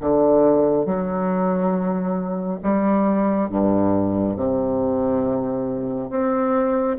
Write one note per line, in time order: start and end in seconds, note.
0.00 0.85 D3
0.85 2.59 F#3
2.62 3.49 G3
3.49 4.36 G2
4.36 6.09 C3
6.10 6.97 C4